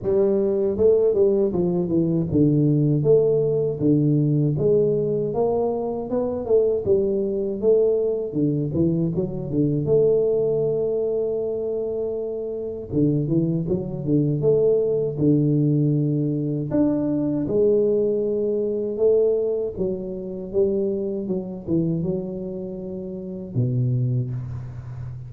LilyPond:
\new Staff \with { instrumentName = "tuba" } { \time 4/4 \tempo 4 = 79 g4 a8 g8 f8 e8 d4 | a4 d4 gis4 ais4 | b8 a8 g4 a4 d8 e8 | fis8 d8 a2.~ |
a4 d8 e8 fis8 d8 a4 | d2 d'4 gis4~ | gis4 a4 fis4 g4 | fis8 e8 fis2 b,4 | }